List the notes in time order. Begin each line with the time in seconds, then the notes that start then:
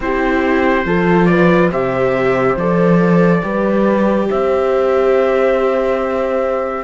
0.00 C4 E4 G4 C5
0.85 F3 F4 A4
1.25 B4 D5
1.71 C3 G4 C5 E5
2.56 F3 A4 D5
3.42 G3 G4 B4
4.29 C4 C5 E5